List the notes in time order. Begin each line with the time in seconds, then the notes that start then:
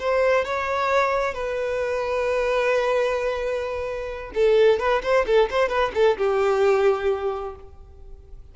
0.00 C5
0.45 C#5
1.34 B4
4.35 A4
4.80 B4
5.03 C5
5.27 A4
5.51 C5
5.69 B4
5.95 A4
6.18 G4